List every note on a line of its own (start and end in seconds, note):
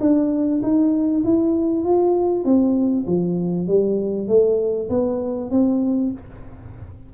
0.00 0.61 D4
0.62 1.24 D#4
1.24 1.84 E4
1.84 2.45 F4
2.45 3.06 C4
3.06 3.67 F3
3.67 4.27 G3
4.27 4.89 A3
4.90 5.50 B3
5.50 6.12 C4